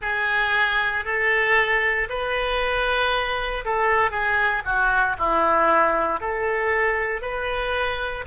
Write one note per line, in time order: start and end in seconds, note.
0.01 1.04 G#4
1.04 2.08 A4
2.09 3.64 B4
3.64 4.11 A4
4.11 4.62 G#4
4.65 5.16 F#4
5.18 6.20 E4
6.20 7.21 A4
7.21 8.25 B4